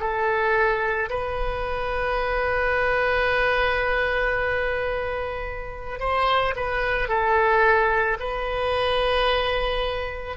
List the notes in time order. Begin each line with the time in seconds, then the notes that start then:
0.00 A4
1.09 B4
6.00 C5
6.56 B4
7.08 A4
8.19 B4